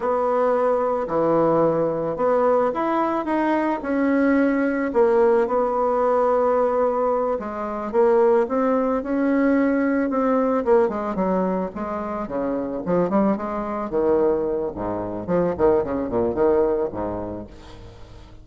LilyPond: \new Staff \with { instrumentName = "bassoon" } { \time 4/4 \tempo 4 = 110 b2 e2 | b4 e'4 dis'4 cis'4~ | cis'4 ais4 b2~ | b4. gis4 ais4 c'8~ |
c'8 cis'2 c'4 ais8 | gis8 fis4 gis4 cis4 f8 | g8 gis4 dis4. gis,4 | f8 dis8 cis8 ais,8 dis4 gis,4 | }